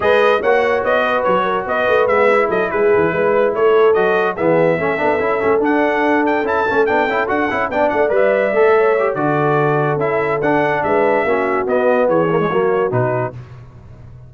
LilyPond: <<
  \new Staff \with { instrumentName = "trumpet" } { \time 4/4 \tempo 4 = 144 dis''4 fis''4 dis''4 cis''4 | dis''4 e''4 dis''8 b'4.~ | b'8 cis''4 dis''4 e''4.~ | e''4. fis''4. g''8 a''8~ |
a''8 g''4 fis''4 g''8 fis''8 e''8~ | e''2 d''2 | e''4 fis''4 e''2 | dis''4 cis''2 b'4 | }
  \new Staff \with { instrumentName = "horn" } { \time 4/4 b'4 cis''4. b'4 ais'8 | b'2 a'8 gis'4 b'8~ | b'8 a'2 gis'4 a'8~ | a'1~ |
a'2~ a'8 d''4.~ | d''4 cis''4 a'2~ | a'2 b'4 fis'4~ | fis'4 gis'4 fis'2 | }
  \new Staff \with { instrumentName = "trombone" } { \time 4/4 gis'4 fis'2.~ | fis'4 b8 e'2~ e'8~ | e'4. fis'4 b4 cis'8 | d'8 e'8 cis'8 d'2 e'8 |
cis'8 d'8 e'8 fis'8 e'8 d'4 b'8~ | b'8 a'4 g'8 fis'2 | e'4 d'2 cis'4 | b4. ais16 gis16 ais4 dis'4 | }
  \new Staff \with { instrumentName = "tuba" } { \time 4/4 gis4 ais4 b4 fis4 | b8 a8 gis4 fis8 gis8 e8 gis8~ | gis8 a4 fis4 e4 a8 | b8 cis'8 a8 d'2 cis'8 |
a8 b8 cis'8 d'8 cis'8 b8 a8 g8~ | g8 a4. d2 | cis'4 d'4 gis4 ais4 | b4 e4 fis4 b,4 | }
>>